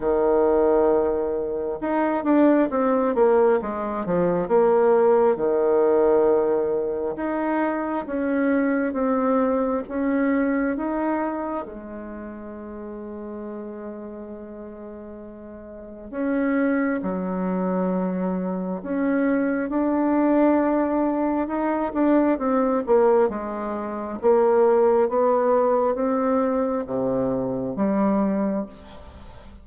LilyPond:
\new Staff \with { instrumentName = "bassoon" } { \time 4/4 \tempo 4 = 67 dis2 dis'8 d'8 c'8 ais8 | gis8 f8 ais4 dis2 | dis'4 cis'4 c'4 cis'4 | dis'4 gis2.~ |
gis2 cis'4 fis4~ | fis4 cis'4 d'2 | dis'8 d'8 c'8 ais8 gis4 ais4 | b4 c'4 c4 g4 | }